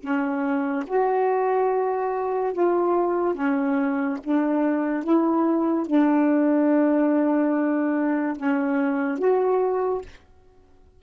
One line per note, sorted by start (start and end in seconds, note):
0.00 0.83 C#4
0.87 2.53 F#4
2.53 3.34 F4
3.34 4.17 C#4
4.23 5.03 D4
5.03 5.86 E4
5.86 8.36 D4
8.36 9.18 C#4
9.18 10.01 F#4